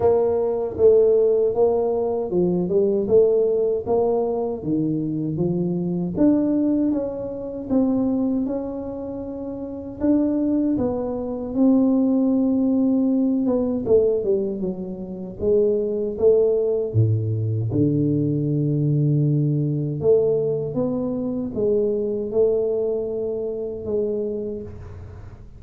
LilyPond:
\new Staff \with { instrumentName = "tuba" } { \time 4/4 \tempo 4 = 78 ais4 a4 ais4 f8 g8 | a4 ais4 dis4 f4 | d'4 cis'4 c'4 cis'4~ | cis'4 d'4 b4 c'4~ |
c'4. b8 a8 g8 fis4 | gis4 a4 a,4 d4~ | d2 a4 b4 | gis4 a2 gis4 | }